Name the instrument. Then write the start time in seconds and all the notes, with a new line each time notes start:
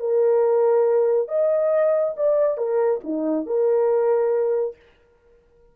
horn
0.00 A#4
1.29 D#5
2.17 D5
2.58 A#4
3.04 D#4
3.47 A#4